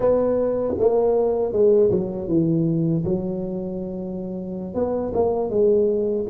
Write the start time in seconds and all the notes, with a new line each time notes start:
0.00 B3
0.78 A#3
1.52 G#3
1.90 F#3
2.28 E3
3.04 F#3
4.74 B3
5.14 A#3
5.50 G#3